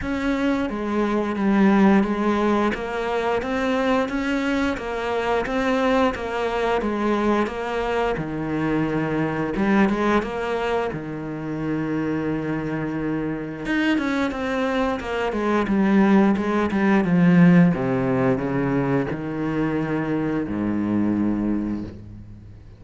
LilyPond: \new Staff \with { instrumentName = "cello" } { \time 4/4 \tempo 4 = 88 cis'4 gis4 g4 gis4 | ais4 c'4 cis'4 ais4 | c'4 ais4 gis4 ais4 | dis2 g8 gis8 ais4 |
dis1 | dis'8 cis'8 c'4 ais8 gis8 g4 | gis8 g8 f4 c4 cis4 | dis2 gis,2 | }